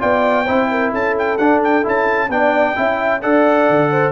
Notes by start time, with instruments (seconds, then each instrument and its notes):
0.00 tuba B3, trombone F4, horn D5, trumpet G5
0.45 tuba C4, trombone E4, horn C5
0.71 horn A#4
0.92 tuba C#4, horn A4, trumpet A5
1.19 trumpet G5
1.38 tuba D4, trombone D4, trumpet F#5
1.64 trumpet G5
1.83 tuba C#4, trombone E4, trumpet A5
2.29 tuba B3, trombone D4, horn D5, trumpet G5
2.76 tuba C#4, trombone E4, horn E5
3.22 tuba D4, trombone A4, horn D5, trumpet F#5
3.70 tuba D3
3.91 horn C5